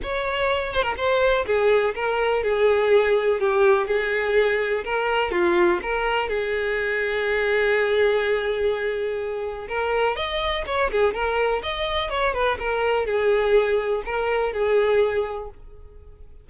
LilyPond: \new Staff \with { instrumentName = "violin" } { \time 4/4 \tempo 4 = 124 cis''4. c''16 ais'16 c''4 gis'4 | ais'4 gis'2 g'4 | gis'2 ais'4 f'4 | ais'4 gis'2.~ |
gis'1 | ais'4 dis''4 cis''8 gis'8 ais'4 | dis''4 cis''8 b'8 ais'4 gis'4~ | gis'4 ais'4 gis'2 | }